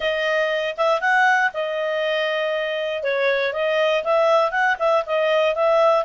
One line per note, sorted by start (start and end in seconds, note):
0.00 0.75 D#5
0.77 1.00 E5
1.00 1.51 F#5
1.53 3.03 D#5
3.03 3.53 C#5
3.53 4.03 D#5
4.03 4.51 E5
4.51 4.76 F#5
4.79 5.04 E5
5.06 5.55 D#5
5.55 6.05 E5